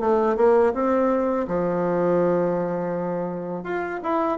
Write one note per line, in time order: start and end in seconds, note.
0.00 0.37 A3
0.37 0.74 A#3
0.74 1.47 C4
1.47 3.64 F3
3.64 4.00 F4
4.03 4.38 E4